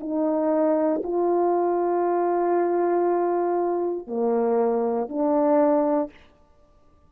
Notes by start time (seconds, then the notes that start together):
0.00 D#4
1.04 F4
4.07 A#3
5.08 D4